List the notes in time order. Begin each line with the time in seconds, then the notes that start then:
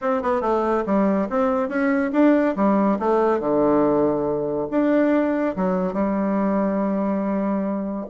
0.01 C4
0.22 B3
0.41 A3
0.85 G3
1.29 C4
1.68 C#4
2.12 D4
2.56 G3
2.99 A3
3.40 D3
4.70 D4
5.55 F#3
5.93 G3